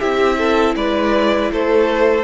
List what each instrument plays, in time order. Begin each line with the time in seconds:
0.00 cello C4, viola E4, violin G4 E5
0.38 violin A4
0.76 cello G#3, violin B4 D5
1.52 cello A3, violin A4 C5